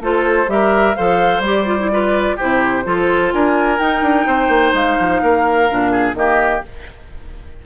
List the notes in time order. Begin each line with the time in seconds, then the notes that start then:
0.00 A3 F4 A4 C5
0.47 G3 G4 A#4 E5
0.94 F3 A4 C5 F5
1.39 G3 G4 D5
1.66 F4
1.79 E4
1.91 F4 B4
2.36 C3 E4 G4 C5
2.84 F3 F4 A4
3.33 D4 A#4 G#5
3.79 D#4 G5
4.02 D4
4.27 C4 C5
4.48 A#3
4.73 G#3 F5
5.00 F3
5.22 A#3 A#4
5.69 A#2 D4
5.91 G#4
6.14 D#3 A#3 G4 D#5